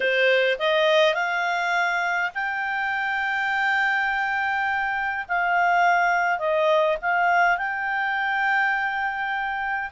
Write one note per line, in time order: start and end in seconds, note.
0.00 0.57 C5
0.58 1.14 D#5
1.14 2.31 F5
2.34 5.25 G5
5.28 6.39 F5
6.39 6.97 D#5
7.01 7.57 F5
7.57 9.90 G5